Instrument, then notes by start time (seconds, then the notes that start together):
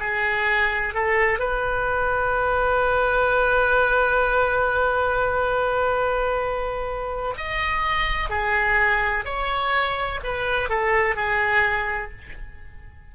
oboe
0.00 G#4
0.94 A4
1.39 B4
7.37 D#5
8.29 G#4
9.25 C#5
10.24 B4
10.69 A4
11.16 G#4